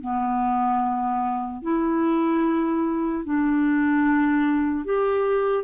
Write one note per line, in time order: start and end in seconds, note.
0.00 1.62 B3
1.62 3.24 E4
3.24 4.84 D4
4.84 5.64 G4